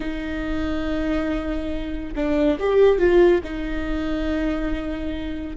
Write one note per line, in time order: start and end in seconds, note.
0.00 2.14 D#4
2.15 2.58 D4
2.59 2.98 G4
2.98 3.41 F4
3.43 5.56 D#4